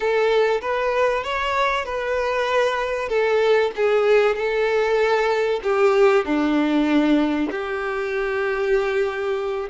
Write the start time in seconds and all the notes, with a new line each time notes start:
0.00 A4
0.61 B4
1.23 C#5
1.85 B4
3.08 A4
3.76 G#4
4.35 A4
5.63 G4
6.25 D4
7.50 G4